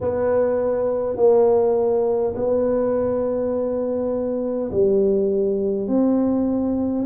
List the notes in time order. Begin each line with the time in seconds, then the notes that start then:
0.01 B3
1.16 A#3
2.35 B3
4.71 G3
5.87 C4